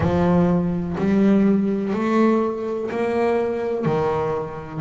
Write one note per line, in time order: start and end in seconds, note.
0.00 0.96 F3
0.98 1.93 G3
1.93 2.89 A3
2.90 3.84 A#3
3.84 4.81 D#3